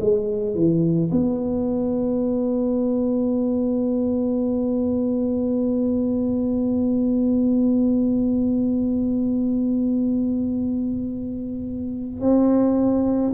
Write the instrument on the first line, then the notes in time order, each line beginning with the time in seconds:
tuba
0.00 G#3
0.55 E3
1.12 B3
12.21 C4